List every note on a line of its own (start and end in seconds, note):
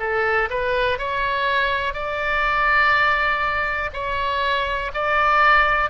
0.00 0.49 A4
0.51 0.99 B4
0.99 1.94 C#5
1.94 3.91 D5
3.93 4.92 C#5
4.94 5.91 D5